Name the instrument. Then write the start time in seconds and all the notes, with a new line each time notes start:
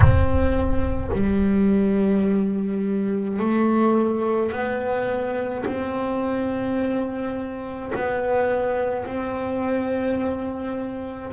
double bass
0.00 C4
1.13 G3
3.39 A3
4.52 B3
5.66 C4
7.95 B3
9.06 C4